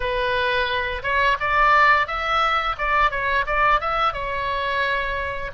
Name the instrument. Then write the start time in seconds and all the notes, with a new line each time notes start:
oboe
0.00 B4
1.02 C#5
1.39 D5
2.07 E5
2.77 D5
3.10 C#5
3.46 D5
3.80 E5
4.13 C#5